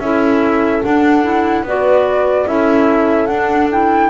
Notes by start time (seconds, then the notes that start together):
0.00 C#4 E4 A4 E5
0.84 D4 F#5
1.24 E4
1.64 B3 F#4 B4 D5
2.47 C#4 E4 A4 E5
3.27 D4 F#5
3.71 E4 G5